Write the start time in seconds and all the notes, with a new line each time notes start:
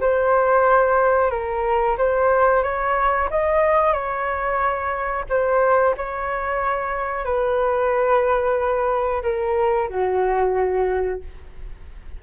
0.00 C5
1.30 A#4
1.97 C5
2.63 C#5
3.30 D#5
3.92 C#5
5.29 C5
5.97 C#5
7.24 B4
9.22 A#4
9.89 F#4